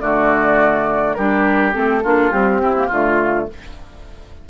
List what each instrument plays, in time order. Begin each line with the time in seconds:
0.00 bassoon D3, clarinet A3, oboe F#4, flute D5
1.14 bassoon G3, clarinet D4, oboe G4, flute A#4
1.73 bassoon A3, clarinet C4, flute A4
2.03 bassoon A#3, clarinet D4, oboe F4
2.31 clarinet G3, bassoon C4, flute G4
2.59 clarinet C4, oboe E4
2.76 clarinet A#3
2.87 bassoon D3, clarinet A3, oboe F4, flute F4